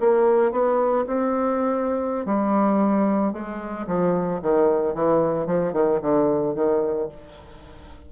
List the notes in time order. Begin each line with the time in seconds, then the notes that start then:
0.00 A#3
0.52 B3
1.07 C4
2.26 G3
3.33 G#3
3.87 F3
4.42 D#3
4.95 E3
5.47 F3
5.73 D#3
6.02 D3
6.55 D#3